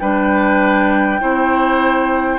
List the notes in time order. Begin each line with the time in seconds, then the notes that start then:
0.00 G3 D4 B4 G5
1.20 C4 E4 C5